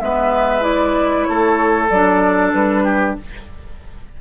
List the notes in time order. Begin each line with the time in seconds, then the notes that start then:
0.00 G#3 B3 B4 E5
0.60 E4 D5
1.23 A3 A4 C#5
1.89 F#3 D4 D5
2.53 G3 B4
2.83 G4